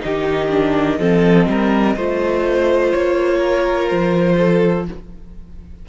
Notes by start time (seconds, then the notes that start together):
0.00 D#3 D#4 G4 D#5
0.50 D4
0.99 F3 C4 A4
1.47 G3 A#4
1.96 A3 F4 C5
2.92 A#3 C#5
3.37 A#4
3.88 F3 C5
4.37 A4